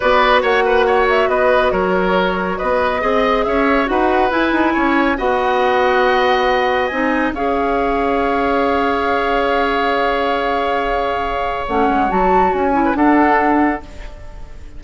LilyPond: <<
  \new Staff \with { instrumentName = "flute" } { \time 4/4 \tempo 4 = 139 d''4 fis''4. e''8 dis''4 | cis''2 dis''2 | e''4 fis''4 gis''2 | fis''1 |
gis''4 f''2.~ | f''1~ | f''2. fis''4 | a''4 gis''4 fis''2 | }
  \new Staff \with { instrumentName = "oboe" } { \time 4/4 b'4 cis''8 b'8 cis''4 b'4 | ais'2 b'4 dis''4 | cis''4 b'2 cis''4 | dis''1~ |
dis''4 cis''2.~ | cis''1~ | cis''1~ | cis''4.~ cis''16 b'16 a'2 | }
  \new Staff \with { instrumentName = "clarinet" } { \time 4/4 fis'1~ | fis'2. gis'4~ | gis'4 fis'4 e'2 | fis'1 |
dis'4 gis'2.~ | gis'1~ | gis'2. cis'4 | fis'4. e'8 d'2 | }
  \new Staff \with { instrumentName = "bassoon" } { \time 4/4 b4 ais2 b4 | fis2 b4 c'4 | cis'4 dis'4 e'8 dis'8 cis'4 | b1 |
c'4 cis'2.~ | cis'1~ | cis'2. a8 gis8 | fis4 cis'4 d'2 | }
>>